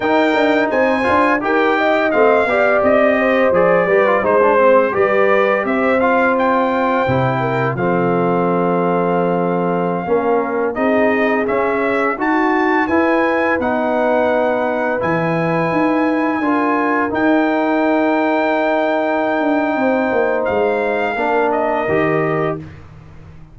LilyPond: <<
  \new Staff \with { instrumentName = "trumpet" } { \time 4/4 \tempo 4 = 85 g''4 gis''4 g''4 f''4 | dis''4 d''4 c''4 d''4 | e''8 f''8 g''2 f''4~ | f''2.~ f''16 dis''8.~ |
dis''16 e''4 a''4 gis''4 fis''8.~ | fis''4~ fis''16 gis''2~ gis''8.~ | gis''16 g''2.~ g''8.~ | g''4 f''4. dis''4. | }
  \new Staff \with { instrumentName = "horn" } { \time 4/4 ais'4 c''4 ais'8 dis''4 d''8~ | d''8 c''4 b'8 c''4 b'4 | c''2~ c''8 ais'8 a'4~ | a'2~ a'16 ais'4 gis'8.~ |
gis'4~ gis'16 fis'4 b'4.~ b'16~ | b'2.~ b'16 ais'8.~ | ais'1 | c''2 ais'2 | }
  \new Staff \with { instrumentName = "trombone" } { \time 4/4 dis'4. f'8 g'4 c'8 g'8~ | g'4 gis'8 g'16 f'16 dis'16 d'16 c'8 g'4~ | g'8 f'4. e'4 c'4~ | c'2~ c'16 cis'4 dis'8.~ |
dis'16 cis'4 fis'4 e'4 dis'8.~ | dis'4~ dis'16 e'2 f'8.~ | f'16 dis'2.~ dis'8.~ | dis'2 d'4 g'4 | }
  \new Staff \with { instrumentName = "tuba" } { \time 4/4 dis'8 d'8 c'8 d'8 dis'4 a8 b8 | c'4 f8 g8 gis4 g4 | c'2 c4 f4~ | f2~ f16 ais4 c'8.~ |
c'16 cis'4 dis'4 e'4 b8.~ | b4~ b16 e4 dis'4 d'8.~ | d'16 dis'2.~ dis'16 d'8 | c'8 ais8 gis4 ais4 dis4 | }
>>